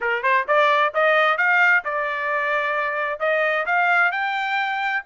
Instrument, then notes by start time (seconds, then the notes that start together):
trumpet
0.01 A#4
0.22 C5
0.47 D5
0.93 D#5
1.37 F5
1.84 D5
3.19 D#5
3.66 F5
4.11 G5